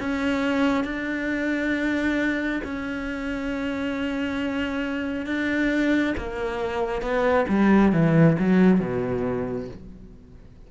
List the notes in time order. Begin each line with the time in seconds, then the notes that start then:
0.00 C#4
0.84 D4
2.64 C#4
5.26 D4
6.17 A#3
7.02 B3
7.48 G3
7.93 E3
8.39 F#3
8.80 B2